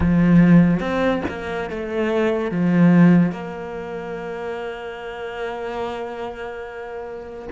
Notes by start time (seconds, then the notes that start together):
0.00 F3
0.80 C4
1.28 A#3
1.69 A3
2.51 F3
3.32 A#3